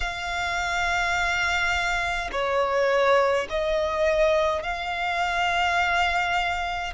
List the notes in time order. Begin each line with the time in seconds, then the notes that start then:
0.00 F5
2.31 C#5
3.49 D#5
4.63 F5